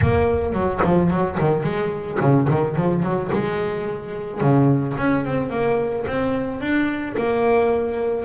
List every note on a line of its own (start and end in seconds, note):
0.02 0.52 A#3
0.52 0.80 F#3
0.84 1.10 F3
1.10 1.38 F#3
1.39 1.63 D#3
1.63 2.18 G#3
2.20 2.47 C#3
2.49 2.75 D#3
2.75 3.03 F3
3.03 3.30 F#3
3.32 4.40 G#3
4.40 4.95 C#3
4.97 5.25 C#4
5.25 5.50 C4
5.50 6.05 A#3
6.07 6.60 C4
6.60 7.15 D4
7.17 8.25 A#3